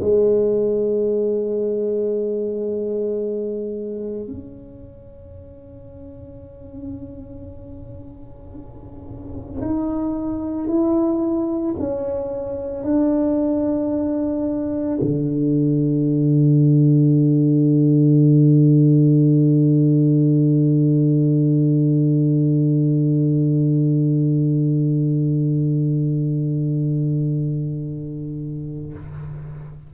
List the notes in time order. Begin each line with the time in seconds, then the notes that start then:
0.00 G#3
4.27 C#4
9.61 D#4
10.68 E4
11.80 C#4
12.84 D4
15.01 D3